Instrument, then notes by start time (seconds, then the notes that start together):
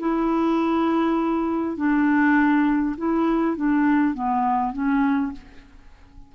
clarinet
0.00 E4
1.77 D4
2.97 E4
3.57 D4
4.14 B3
4.73 C#4